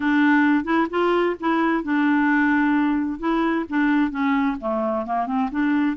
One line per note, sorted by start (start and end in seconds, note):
0.00 0.64 D4
0.64 0.87 E4
0.90 1.35 F4
1.40 1.83 E4
1.83 3.19 D4
3.19 3.65 E4
3.69 4.10 D4
4.10 4.56 C#4
4.60 5.06 A3
5.06 5.26 A#3
5.26 5.49 C4
5.51 5.96 D4